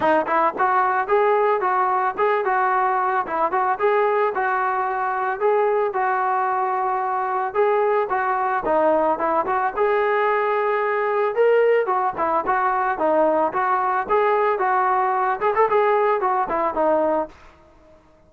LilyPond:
\new Staff \with { instrumentName = "trombone" } { \time 4/4 \tempo 4 = 111 dis'8 e'8 fis'4 gis'4 fis'4 | gis'8 fis'4. e'8 fis'8 gis'4 | fis'2 gis'4 fis'4~ | fis'2 gis'4 fis'4 |
dis'4 e'8 fis'8 gis'2~ | gis'4 ais'4 fis'8 e'8 fis'4 | dis'4 fis'4 gis'4 fis'4~ | fis'8 gis'16 a'16 gis'4 fis'8 e'8 dis'4 | }